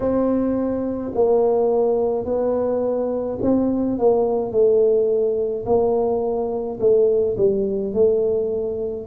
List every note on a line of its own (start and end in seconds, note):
0.00 1.12 C4
1.14 2.25 A#3
2.25 3.38 B3
3.41 3.98 C4
3.98 4.51 A#3
4.51 5.64 A3
5.66 6.79 A#3
6.79 7.36 A3
7.37 7.93 G3
7.93 9.06 A3